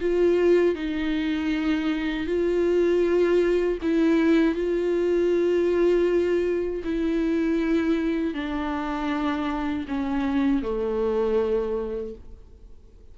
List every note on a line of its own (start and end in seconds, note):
0.00 0.75 F4
0.75 2.26 D#4
2.26 3.78 F4
3.81 4.55 E4
4.55 6.83 F4
6.84 8.34 E4
8.34 9.86 D4
9.88 10.62 C#4
10.62 12.14 A3